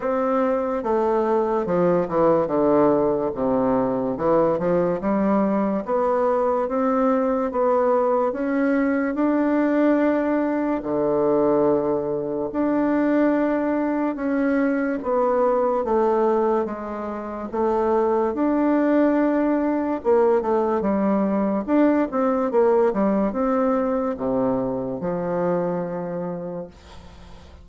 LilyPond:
\new Staff \with { instrumentName = "bassoon" } { \time 4/4 \tempo 4 = 72 c'4 a4 f8 e8 d4 | c4 e8 f8 g4 b4 | c'4 b4 cis'4 d'4~ | d'4 d2 d'4~ |
d'4 cis'4 b4 a4 | gis4 a4 d'2 | ais8 a8 g4 d'8 c'8 ais8 g8 | c'4 c4 f2 | }